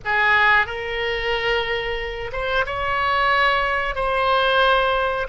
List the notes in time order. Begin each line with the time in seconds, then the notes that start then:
0.04 G#4
0.66 A#4
2.32 C5
2.66 C#5
3.95 C5